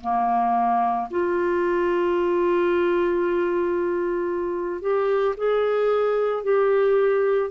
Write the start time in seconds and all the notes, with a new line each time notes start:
0.00 A#3
1.11 F4
4.81 G4
5.37 G#4
6.43 G4